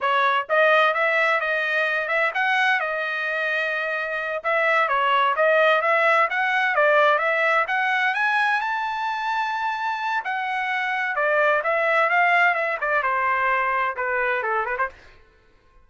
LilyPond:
\new Staff \with { instrumentName = "trumpet" } { \time 4/4 \tempo 4 = 129 cis''4 dis''4 e''4 dis''4~ | dis''8 e''8 fis''4 dis''2~ | dis''4. e''4 cis''4 dis''8~ | dis''8 e''4 fis''4 d''4 e''8~ |
e''8 fis''4 gis''4 a''4.~ | a''2 fis''2 | d''4 e''4 f''4 e''8 d''8 | c''2 b'4 a'8 b'16 c''16 | }